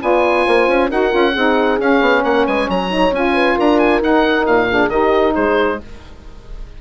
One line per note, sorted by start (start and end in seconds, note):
0.00 0.46 B3
0.00 0.89 F4
0.00 0.46 D5
0.00 0.90 G#5
0.46 0.68 A#3
0.46 0.89 C5
0.68 0.90 C#4
0.89 1.13 D#4
0.89 1.09 F#4
0.89 1.32 A#4
0.89 1.80 F#5
1.09 1.36 C#4
1.09 1.32 F4
1.32 1.79 C4
1.32 1.79 D#4
1.32 2.21 G#4
1.79 2.01 C#4
1.79 2.89 C#4
1.79 2.24 F5
2.01 2.23 B3
2.24 2.46 A#3
2.24 2.46 A#4
2.24 2.46 F#5
2.46 2.68 G#3
2.46 2.65 B4
2.46 2.69 G#5
2.65 3.11 F#3
2.65 3.32 C#5
2.65 3.14 A#5
2.89 3.11 D#4
3.11 3.55 C#4
3.11 4.00 F4
3.11 3.59 G#5
3.33 3.55 B4
3.55 4.01 D4
3.55 4.66 A#4
3.55 3.78 A#5
3.78 4.00 G#5
4.00 4.67 D#4
4.00 4.46 D#4
4.00 4.46 F#5
4.46 4.88 A#2
4.46 4.89 F5
4.69 4.91 D4
4.69 4.91 G#4
4.88 5.33 D#3
4.88 5.80 D#4
4.88 5.34 G4
4.88 5.34 D#5
5.34 5.81 G#3
5.34 5.78 G#4
5.34 5.79 C5